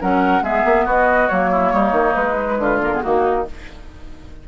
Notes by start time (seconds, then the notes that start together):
0.00 F#3 C#4 A#4 F#5
0.42 G#3 B3 G#4 E5
0.65 A#3
0.86 B3 F#4 D#5
1.29 F#3 A#3 C#5
1.51 E4
1.72 G3 D#4
1.92 D#3
2.15 G#3 B4
2.37 G#3
2.58 D3 F4
2.82 A#3 A#4
2.93 B3 G#4
3.02 D#3 A#3 D#4 F#4